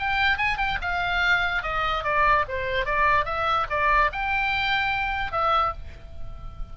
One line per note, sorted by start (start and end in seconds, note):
0.00 0.38 G5
0.38 0.58 G#5
0.58 0.78 G5
0.82 1.63 F5
1.63 2.04 D#5
2.04 2.45 D5
2.49 2.86 C5
2.86 3.26 D5
3.26 3.67 E5
3.70 4.12 D5
4.13 5.32 G5
5.32 5.73 E5